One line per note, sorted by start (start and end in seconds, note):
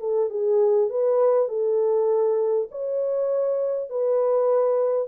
0.00 0.30 A4
0.30 0.90 G#4
0.90 1.49 B4
1.49 2.69 A4
2.72 3.90 C#5
3.90 5.08 B4